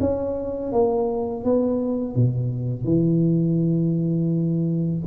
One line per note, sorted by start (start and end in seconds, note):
0.00 0.72 C#4
0.72 1.44 A#3
1.44 2.15 B3
2.15 2.84 B2
2.84 5.01 E3